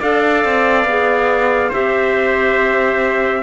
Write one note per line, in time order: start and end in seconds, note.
0.00 0.45 D4
0.00 0.88 A4
0.00 1.70 D5
0.00 1.73 F5
0.45 0.85 C4
0.85 1.70 B3
0.85 1.73 G#4
1.70 3.44 C4
1.70 3.44 G4
1.70 3.41 C5
1.70 3.44 E5